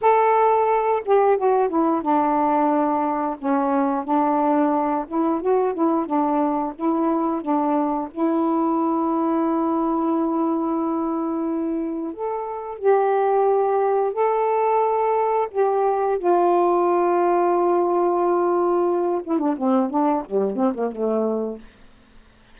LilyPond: \new Staff \with { instrumentName = "saxophone" } { \time 4/4 \tempo 4 = 89 a'4. g'8 fis'8 e'8 d'4~ | d'4 cis'4 d'4. e'8 | fis'8 e'8 d'4 e'4 d'4 | e'1~ |
e'2 a'4 g'4~ | g'4 a'2 g'4 | f'1~ | f'8 e'16 d'16 c'8 d'8 g8 c'16 ais16 a4 | }